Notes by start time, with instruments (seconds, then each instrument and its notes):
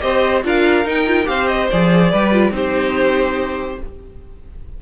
0.00 cello C4, viola G4, violin C5 D#5
0.43 cello D4, viola F4, violin A#4 F5
0.85 viola D#4, cello D#4, violin G5
1.06 viola F4
1.24 cello C4, viola G4, violin C5 F5
1.48 violin D#5
1.70 cello F3, viola G#4, violin D5
2.10 cello G3, viola G4, violin B4
2.32 viola F4
2.51 cello C4, viola D#4, violin G4 C5